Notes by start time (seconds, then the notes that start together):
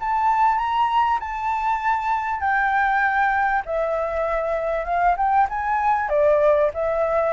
0.00 A5
0.57 A#5
1.19 A5
2.40 G5
3.65 E5
4.85 F5
5.17 G5
5.49 G#5
6.09 D5
6.73 E5